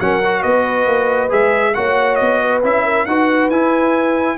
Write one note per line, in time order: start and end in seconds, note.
0.00 0.43 F#3
0.00 0.23 C#4
0.00 0.41 A#4
0.00 0.43 F#5
0.24 1.29 F#4
0.41 0.86 B3
0.41 1.73 B4
0.41 1.30 D#5
0.86 1.30 A#3
1.29 1.76 G#3
1.29 1.73 G#4
1.29 1.74 E5
1.74 2.21 A#3
1.74 2.62 F#4
1.74 2.41 C#5
1.74 2.15 F#5
2.15 2.63 B3
2.15 2.59 D#5
2.41 2.84 B4
2.63 3.06 C#4
2.63 3.07 E4
2.63 3.06 E5
2.84 3.06 A#4
3.06 3.49 D#4
3.06 3.52 F#4
3.06 4.37 B4
3.06 3.49 F#5
3.49 4.37 E4
3.49 4.37 G#5